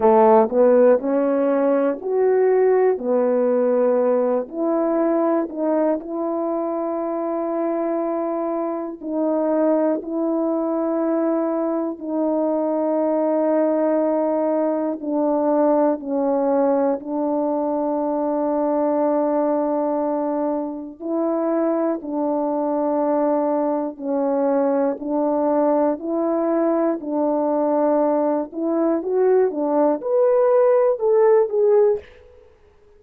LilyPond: \new Staff \with { instrumentName = "horn" } { \time 4/4 \tempo 4 = 60 a8 b8 cis'4 fis'4 b4~ | b8 e'4 dis'8 e'2~ | e'4 dis'4 e'2 | dis'2. d'4 |
cis'4 d'2.~ | d'4 e'4 d'2 | cis'4 d'4 e'4 d'4~ | d'8 e'8 fis'8 d'8 b'4 a'8 gis'8 | }